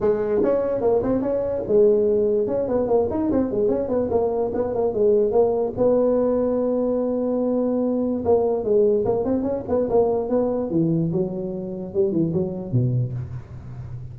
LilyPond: \new Staff \with { instrumentName = "tuba" } { \time 4/4 \tempo 4 = 146 gis4 cis'4 ais8 c'8 cis'4 | gis2 cis'8 b8 ais8 dis'8 | c'8 gis8 cis'8 b8 ais4 b8 ais8 | gis4 ais4 b2~ |
b1 | ais4 gis4 ais8 c'8 cis'8 b8 | ais4 b4 e4 fis4~ | fis4 g8 e8 fis4 b,4 | }